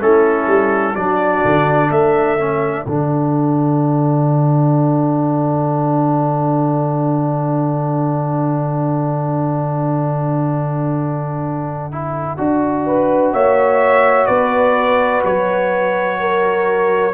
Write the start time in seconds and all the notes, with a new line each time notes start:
0.00 A3 C#4 E4 A4
0.47 G3
0.95 F#3 D4 F#4 D5
1.44 D3
1.88 A3 A4 E5
2.38 C#4
2.86 D3 D4 F#5
11.92 E4
12.37 D4 F#4
12.86 B4
13.33 A#3 C#5 E5
14.26 B3 B4 D5
15.25 F#3 C#5
16.20 A#4